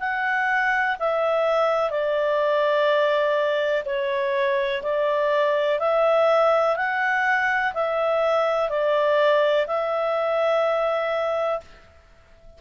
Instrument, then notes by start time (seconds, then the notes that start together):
clarinet
0.00 F#5
0.99 E5
1.90 D5
3.86 C#5
4.83 D5
5.80 E5
6.77 F#5
7.74 E5
8.70 D5
9.67 E5